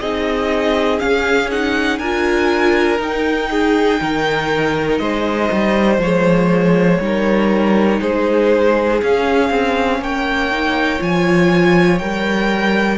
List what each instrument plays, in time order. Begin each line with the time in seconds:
0.00 cello C4, viola D#4, violin G#4 D#5
0.99 viola C#4, cello C#4, violin F5
1.51 viola D#4, violin F#5
1.99 cello D4, viola F4, violin A#4 G#5
2.98 viola D#4, cello D#4, violin G5
3.50 violin G#4
4.01 cello D#3, violin A#4
4.98 cello G#3, violin C5 D#5
5.52 cello G3
5.98 cello F3, viola G#3, violin C#5
7.00 cello G3, viola D#4, violin A#4
8.01 cello G#3, violin G#4 C5
9.03 cello C#4, viola C#4, violin F5
9.50 cello C4
10.00 cello A#3, violin C#5 G5
10.52 viola D#4
10.99 cello F3, viola F4, violin G#5
11.99 cello G3, viola A#4, violin G5